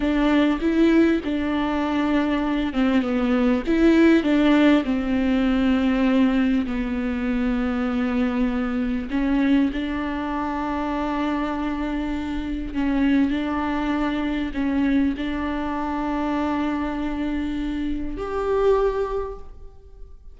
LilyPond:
\new Staff \with { instrumentName = "viola" } { \time 4/4 \tempo 4 = 99 d'4 e'4 d'2~ | d'8 c'8 b4 e'4 d'4 | c'2. b4~ | b2. cis'4 |
d'1~ | d'4 cis'4 d'2 | cis'4 d'2.~ | d'2 g'2 | }